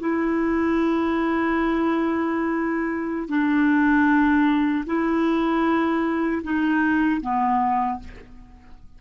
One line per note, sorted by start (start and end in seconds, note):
0.00 3.29 E4
3.29 4.85 D4
4.87 6.43 E4
6.44 7.21 D#4
7.21 7.99 B3